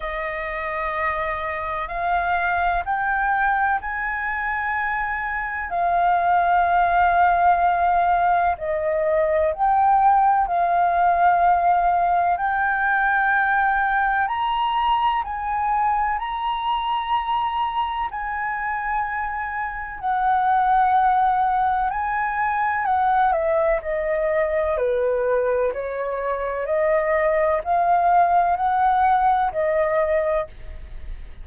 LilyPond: \new Staff \with { instrumentName = "flute" } { \time 4/4 \tempo 4 = 63 dis''2 f''4 g''4 | gis''2 f''2~ | f''4 dis''4 g''4 f''4~ | f''4 g''2 ais''4 |
gis''4 ais''2 gis''4~ | gis''4 fis''2 gis''4 | fis''8 e''8 dis''4 b'4 cis''4 | dis''4 f''4 fis''4 dis''4 | }